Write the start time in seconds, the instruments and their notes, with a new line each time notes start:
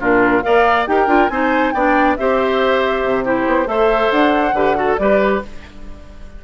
0.00 bassoon A#2, clarinet D4, oboe F4, flute A#4
0.43 bassoon A#3, clarinet A#4, oboe D5, flute F5
0.87 bassoon D#4, clarinet G4, oboe A#4, flute G5
1.07 bassoon D4, clarinet F4
1.29 bassoon C4, clarinet D#4, oboe C5, flute G#5
1.72 bassoon B3, clarinet D4, oboe D5, flute G5
2.16 bassoon C4, clarinet G4, oboe C5, flute E5
3.04 bassoon C3
3.25 clarinet E4, oboe G4, flute C5
3.46 bassoon B3
3.65 bassoon A3, clarinet A4, oboe C5, flute E5
4.11 bassoon D4, flute F#5
4.53 bassoon D3, clarinet G4, oboe B4
4.75 clarinet F#4, oboe A4
4.97 bassoon G3, clarinet G4, oboe B4, flute D5